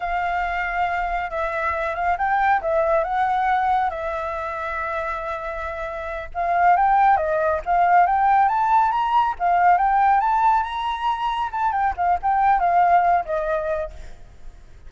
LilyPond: \new Staff \with { instrumentName = "flute" } { \time 4/4 \tempo 4 = 138 f''2. e''4~ | e''8 f''8 g''4 e''4 fis''4~ | fis''4 e''2.~ | e''2~ e''8 f''4 g''8~ |
g''8 dis''4 f''4 g''4 a''8~ | a''8 ais''4 f''4 g''4 a''8~ | a''8 ais''2 a''8 g''8 f''8 | g''4 f''4. dis''4. | }